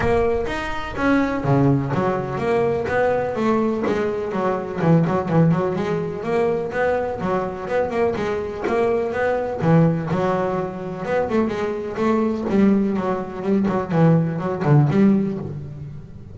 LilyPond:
\new Staff \with { instrumentName = "double bass" } { \time 4/4 \tempo 4 = 125 ais4 dis'4 cis'4 cis4 | fis4 ais4 b4 a4 | gis4 fis4 e8 fis8 e8 fis8 | gis4 ais4 b4 fis4 |
b8 ais8 gis4 ais4 b4 | e4 fis2 b8 a8 | gis4 a4 g4 fis4 | g8 fis8 e4 fis8 d8 g4 | }